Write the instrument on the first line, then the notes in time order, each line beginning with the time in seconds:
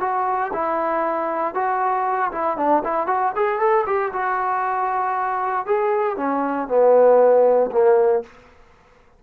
trombone
0.00 F#4
0.53 E4
1.54 F#4
2.31 E4
2.57 D4
2.84 E4
3.07 F#4
3.35 G#4
3.59 A4
3.86 G4
4.13 F#4
5.66 G#4
6.17 C#4
6.68 B3
7.71 A#3